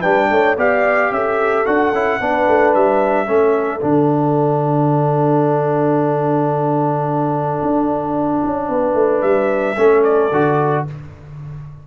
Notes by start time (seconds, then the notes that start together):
0.00 G3 D4 B4 G5
0.30 A3 C#5
0.57 B3 G4 D5 F5
1.11 C#4 A4 E5
1.65 D4 F#4 F#5
1.92 C#4 E4
2.20 B3 D4 B4
2.48 A3
2.74 G3 E5
3.26 A3 C#4 A4
3.81 D3 D4 F#5
7.62 D4
8.44 C#4
8.69 B3 B4
8.94 A3
9.21 G3 E5
9.77 A3 C#4 A4
10.03 D5
10.31 D3 F#4